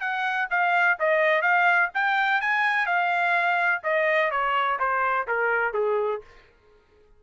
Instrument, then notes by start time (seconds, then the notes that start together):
trumpet
0.00 F#5
0.50 F5
0.99 D#5
1.42 F5
1.94 G5
2.41 G#5
2.86 F5
3.83 D#5
4.31 C#5
4.79 C5
5.27 A#4
5.73 G#4